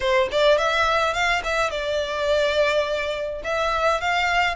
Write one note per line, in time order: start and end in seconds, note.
0.00 0.29 C5
0.31 0.58 D5
0.58 1.13 E5
1.13 1.42 F5
1.43 1.70 E5
1.70 3.42 D5
3.43 4.01 E5
4.01 4.55 F5